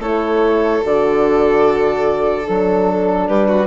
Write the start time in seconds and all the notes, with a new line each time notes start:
0.00 A3 E4 A4 C#5
0.83 D3 F#4 D5
2.46 F#3 D4 A4
3.28 G3 G4 B4
3.49 F#4